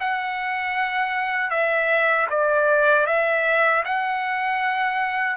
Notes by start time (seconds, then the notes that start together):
0.00 F#5
1.50 E5
2.30 D5
3.07 E5
3.85 F#5